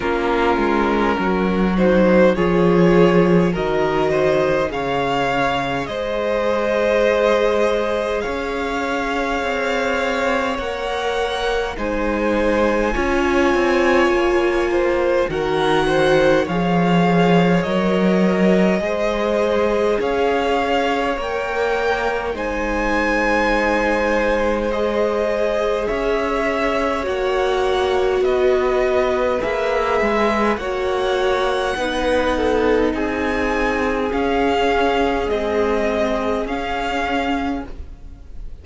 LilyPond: <<
  \new Staff \with { instrumentName = "violin" } { \time 4/4 \tempo 4 = 51 ais'4. c''8 cis''4 dis''4 | f''4 dis''2 f''4~ | f''4 fis''4 gis''2~ | gis''4 fis''4 f''4 dis''4~ |
dis''4 f''4 g''4 gis''4~ | gis''4 dis''4 e''4 fis''4 | dis''4 e''4 fis''2 | gis''4 f''4 dis''4 f''4 | }
  \new Staff \with { instrumentName = "violin" } { \time 4/4 f'4 fis'4 gis'4 ais'8 c''8 | cis''4 c''2 cis''4~ | cis''2 c''4 cis''4~ | cis''8 c''8 ais'8 c''8 cis''2 |
c''4 cis''2 c''4~ | c''2 cis''2 | b'2 cis''4 b'8 a'8 | gis'1 | }
  \new Staff \with { instrumentName = "viola" } { \time 4/4 cis'4. dis'8 f'4 fis'4 | gis'1~ | gis'4 ais'4 dis'4 f'4~ | f'4 fis'4 gis'4 ais'4 |
gis'2 ais'4 dis'4~ | dis'4 gis'2 fis'4~ | fis'4 gis'4 fis'4 dis'4~ | dis'4 cis'4 gis4 cis'4 | }
  \new Staff \with { instrumentName = "cello" } { \time 4/4 ais8 gis8 fis4 f4 dis4 | cis4 gis2 cis'4 | c'4 ais4 gis4 cis'8 c'8 | ais4 dis4 f4 fis4 |
gis4 cis'4 ais4 gis4~ | gis2 cis'4 ais4 | b4 ais8 gis8 ais4 b4 | c'4 cis'4 c'4 cis'4 | }
>>